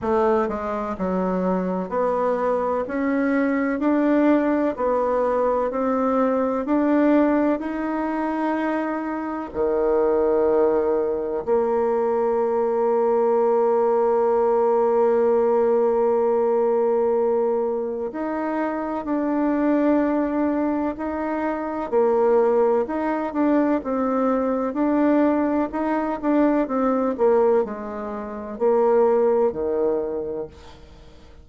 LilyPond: \new Staff \with { instrumentName = "bassoon" } { \time 4/4 \tempo 4 = 63 a8 gis8 fis4 b4 cis'4 | d'4 b4 c'4 d'4 | dis'2 dis2 | ais1~ |
ais2. dis'4 | d'2 dis'4 ais4 | dis'8 d'8 c'4 d'4 dis'8 d'8 | c'8 ais8 gis4 ais4 dis4 | }